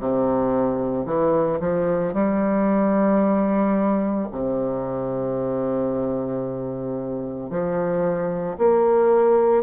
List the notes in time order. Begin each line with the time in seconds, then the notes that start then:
0.00 C3
1.06 E3
1.60 F3
2.14 G3
4.32 C3
7.50 F3
8.58 A#3